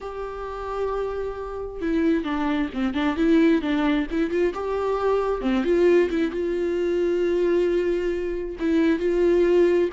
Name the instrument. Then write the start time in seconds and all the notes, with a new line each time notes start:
viola
0.00 G4
1.81 E4
2.24 D4
2.73 C4
2.94 D4
3.16 E4
3.61 D4
4.10 E4
4.30 F4
4.54 G4
5.41 C4
5.63 F4
6.09 E4
6.31 F4
8.59 E4
8.99 F4